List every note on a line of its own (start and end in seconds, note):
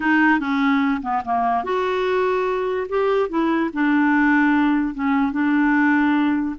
0.00 0.39 D#4
0.39 1.01 C#4
1.02 1.22 B3
1.24 1.63 A#3
1.63 2.87 F#4
2.88 3.29 G4
3.29 3.70 E4
3.73 4.94 D4
4.94 5.32 C#4
5.32 6.55 D4